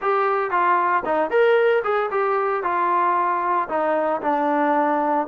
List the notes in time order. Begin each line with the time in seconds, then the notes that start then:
0.01 G4
0.50 F4
1.05 D#4
1.30 A#4
1.83 G#4
2.10 G4
2.63 F4
3.68 D#4
4.21 D4